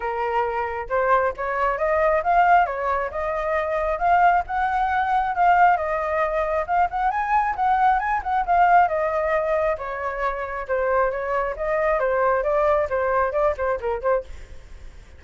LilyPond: \new Staff \with { instrumentName = "flute" } { \time 4/4 \tempo 4 = 135 ais'2 c''4 cis''4 | dis''4 f''4 cis''4 dis''4~ | dis''4 f''4 fis''2 | f''4 dis''2 f''8 fis''8 |
gis''4 fis''4 gis''8 fis''8 f''4 | dis''2 cis''2 | c''4 cis''4 dis''4 c''4 | d''4 c''4 d''8 c''8 ais'8 c''8 | }